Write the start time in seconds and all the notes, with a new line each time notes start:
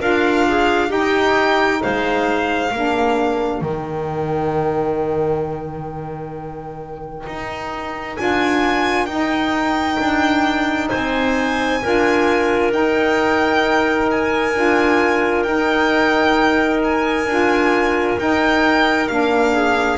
0.00 D4 F4 A#4 F5
0.48 G#4
0.89 D#4 G4 G5
1.82 G#3 C5 F5
2.71 A#3 D4 A#4
3.62 D#3 D#4 G5
7.27 D#4
8.17 D4 F4 G#5
9.06 D#4 G5
9.99 D4
10.89 C4 C5 G#5
11.82 D4 F4 A#4
12.71 D#4 G5
14.11 G#5
14.55 D4 F4
15.43 D#4 G5
16.84 G#5
17.26 D4 F4
18.19 D#4 G5
19.08 A#3 D4 F5
19.54 G#4